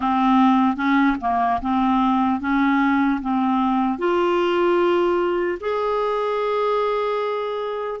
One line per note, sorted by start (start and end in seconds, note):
0.00 0.76 C4
0.76 1.16 C#4
1.20 1.60 A#3
1.61 2.40 C4
2.40 3.20 C#4
3.21 3.98 C4
3.98 5.58 F4
5.60 8.00 G#4